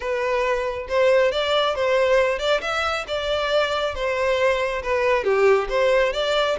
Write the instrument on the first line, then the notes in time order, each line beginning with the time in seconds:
violin
0.00 B4
0.88 C5
1.31 D5
1.75 C5
2.38 D5
2.61 E5
3.07 D5
3.94 C5
4.82 B4
5.24 G4
5.69 C5
6.12 D5